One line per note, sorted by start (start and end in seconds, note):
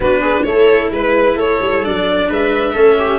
0.00 0.44 B3
0.00 0.46 D4
0.00 0.20 F#4
0.00 0.43 B4
0.20 0.43 G#4
0.43 0.91 A3
0.43 1.83 E4
0.43 0.93 A4
0.43 0.89 C#5
0.91 1.35 G#3
0.91 1.38 B4
0.91 1.34 B4
1.34 1.58 A3
1.34 2.26 A4
1.34 1.84 C#5
1.61 1.84 G3
1.83 2.29 F#3
1.83 2.75 D4
1.83 2.30 D5
2.29 2.74 G#3
2.29 2.73 B4
2.29 3.18 E5
2.73 3.18 A3
2.73 3.18 C#4
2.73 2.96 A4
2.98 3.18 G4